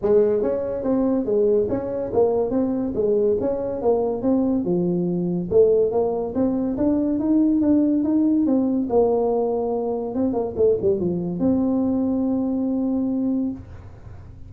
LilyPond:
\new Staff \with { instrumentName = "tuba" } { \time 4/4 \tempo 4 = 142 gis4 cis'4 c'4 gis4 | cis'4 ais4 c'4 gis4 | cis'4 ais4 c'4 f4~ | f4 a4 ais4 c'4 |
d'4 dis'4 d'4 dis'4 | c'4 ais2. | c'8 ais8 a8 g8 f4 c'4~ | c'1 | }